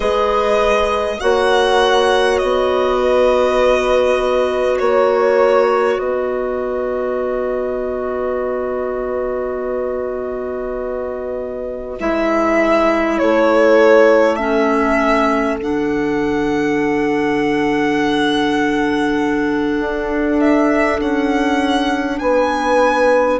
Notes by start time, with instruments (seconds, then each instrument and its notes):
0.00 bassoon G#3, clarinet G#4, horn B4, violin D#5
1.20 bassoon A#3, clarinet F#4, horn C#5, violin F#5
2.38 bassoon B3, violin D#5
3.00 horn B4
4.79 bassoon A#3, violin C#5, horn C#5
5.97 bassoon B3, horn B4, violin D#5
12.00 bassoon G#3, clarinet E4, violin E5
13.18 bassoon A3, horn A4, violin C#5
14.36 clarinet C#4, violin E5
15.60 bassoon D3, clarinet D4, violin F#5
19.79 bassoon D4
20.39 violin E5
21.00 bassoon C#4, violin F#5
22.18 bassoon B3, horn B4, violin G#5